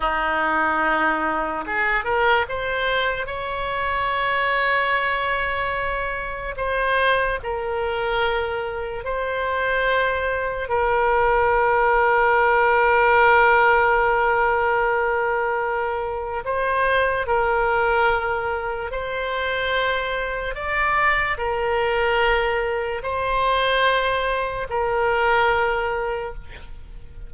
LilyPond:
\new Staff \with { instrumentName = "oboe" } { \time 4/4 \tempo 4 = 73 dis'2 gis'8 ais'8 c''4 | cis''1 | c''4 ais'2 c''4~ | c''4 ais'2.~ |
ais'1 | c''4 ais'2 c''4~ | c''4 d''4 ais'2 | c''2 ais'2 | }